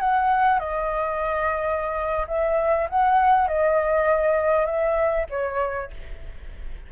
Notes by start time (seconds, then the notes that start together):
0.00 F#5
0.60 D#5
2.28 E5
2.90 F#5
3.48 D#5
4.66 E5
5.30 C#5